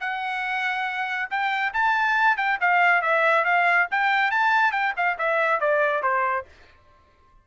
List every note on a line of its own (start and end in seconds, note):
0.00 1.29 F#5
1.30 1.73 G5
1.73 2.37 A5
2.37 2.58 G5
2.60 3.02 F5
3.02 3.44 E5
3.44 3.87 F5
3.91 4.31 G5
4.31 4.72 A5
4.72 4.93 G5
4.96 5.18 F5
5.18 5.60 E5
5.60 6.03 D5
6.03 6.45 C5